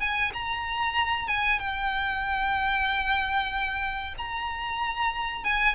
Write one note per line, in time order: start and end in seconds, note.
0.00 0.32 G#5
0.33 1.28 A#5
1.28 1.59 G#5
1.59 4.15 G5
4.18 5.44 A#5
5.44 5.75 G#5